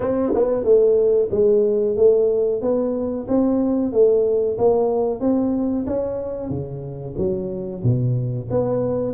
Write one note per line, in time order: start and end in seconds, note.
0.00 0.33 C4
0.34 0.63 B3
0.63 1.29 A3
1.31 1.96 G#3
1.96 2.61 A3
2.61 3.26 B3
3.28 3.92 C4
3.92 4.57 A3
4.58 5.20 A#3
5.20 5.85 C4
5.86 6.49 C#4
6.49 7.14 C#3
7.17 7.83 F#3
7.83 8.48 B2
8.50 9.14 B3